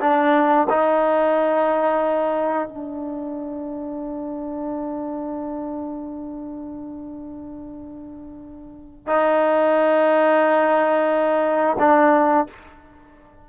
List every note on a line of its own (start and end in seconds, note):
0.00 0.67 D4
0.70 2.69 D#4
2.69 9.07 D4
9.07 11.76 D#4
11.79 12.47 D4